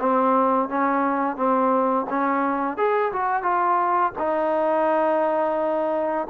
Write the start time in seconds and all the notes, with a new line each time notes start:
0.00 C4
0.69 C#4
1.37 C4
2.10 C#4
2.78 G#4
3.13 F#4
3.43 F4
4.19 D#4